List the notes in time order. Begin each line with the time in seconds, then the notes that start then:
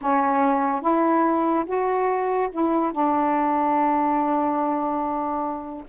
0.01 C#4
0.81 E4
1.66 F#4
2.51 E4
2.92 D4